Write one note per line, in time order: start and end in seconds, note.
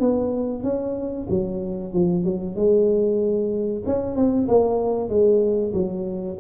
0.00 0.63 B3
0.63 1.27 C#4
1.30 1.93 F#3
1.93 2.24 F3
2.24 2.55 F#3
2.55 3.83 G#3
3.86 4.15 C#4
4.15 4.47 C4
4.48 5.09 A#3
5.09 5.73 G#3
5.74 6.37 F#3